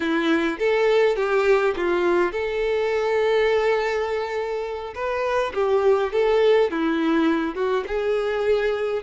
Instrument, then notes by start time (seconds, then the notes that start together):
violin
0.00 E4
0.58 A4
1.16 G4
1.76 F4
2.31 A4
4.94 B4
5.54 G4
6.12 A4
6.70 E4
7.55 F#4
7.87 G#4